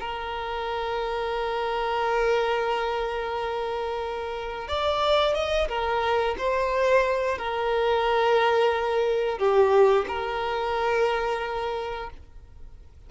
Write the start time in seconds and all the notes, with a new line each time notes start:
0.00 A#4
4.68 D5
5.34 D#5
5.68 A#4
6.38 C5
7.38 A#4
9.38 G4
10.08 A#4